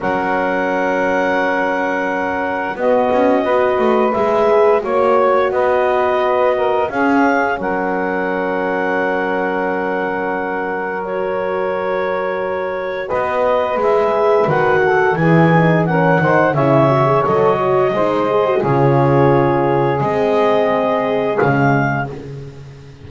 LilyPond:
<<
  \new Staff \with { instrumentName = "clarinet" } { \time 4/4 \tempo 4 = 87 fis''1 | dis''2 e''4 cis''4 | dis''2 f''4 fis''4~ | fis''1 |
cis''2. dis''4 | e''4 fis''4 gis''4 fis''4 | e''4 dis''2 cis''4~ | cis''4 dis''2 f''4 | }
  \new Staff \with { instrumentName = "saxophone" } { \time 4/4 ais'1 | fis'4 b'2 cis''4 | b'4. ais'8 gis'4 ais'4~ | ais'1~ |
ais'2. b'4~ | b'4. a'8 gis'4 ais'8 c''8 | cis''2 c''4 gis'4~ | gis'1 | }
  \new Staff \with { instrumentName = "horn" } { \time 4/4 cis'1 | b4 fis'4 gis'4 fis'4~ | fis'2 cis'2~ | cis'1 |
fis'1 | gis'4 fis'4 e'8 dis'8 cis'8 dis'8 | e'8 fis'16 gis'16 a'8 fis'8 dis'8 gis'16 fis'16 f'4~ | f'4 c'2 gis4 | }
  \new Staff \with { instrumentName = "double bass" } { \time 4/4 fis1 | b8 cis'8 b8 a8 gis4 ais4 | b2 cis'4 fis4~ | fis1~ |
fis2. b4 | gis4 dis4 e4. dis8 | cis4 fis4 gis4 cis4~ | cis4 gis2 cis4 | }
>>